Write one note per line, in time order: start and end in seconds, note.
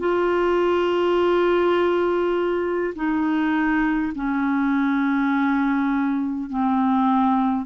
0.00 2.94 F4
2.95 4.13 D#4
4.16 6.50 C#4
6.50 7.66 C4